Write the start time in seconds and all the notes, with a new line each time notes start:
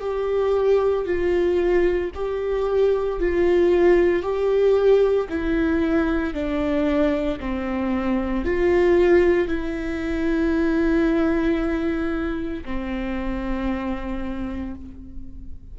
0.00 G4
1.05 F4
2.14 G4
3.20 F4
4.22 G4
5.29 E4
6.33 D4
7.39 C4
8.44 F4
9.48 E4
12.64 C4